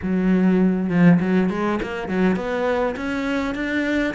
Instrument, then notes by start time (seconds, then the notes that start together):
cello
0.02 F#3
0.89 F3
1.20 F#3
1.49 G#3
1.82 A#3
2.08 F#3
2.35 B3
2.96 C#4
3.54 D4